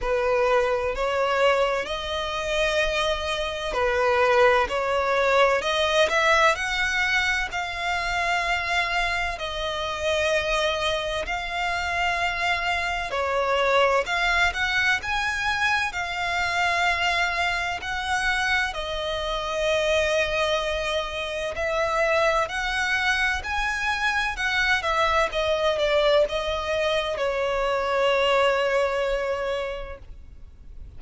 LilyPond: \new Staff \with { instrumentName = "violin" } { \time 4/4 \tempo 4 = 64 b'4 cis''4 dis''2 | b'4 cis''4 dis''8 e''8 fis''4 | f''2 dis''2 | f''2 cis''4 f''8 fis''8 |
gis''4 f''2 fis''4 | dis''2. e''4 | fis''4 gis''4 fis''8 e''8 dis''8 d''8 | dis''4 cis''2. | }